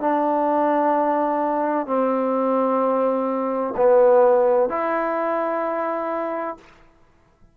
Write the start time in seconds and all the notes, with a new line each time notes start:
0.00 D4
1.86 C4
3.76 B3
4.69 E4